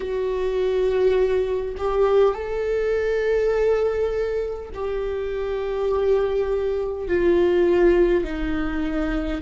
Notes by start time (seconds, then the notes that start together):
0.00 F#4
1.77 G4
2.34 A4
4.74 G4
7.07 F4
8.24 D#4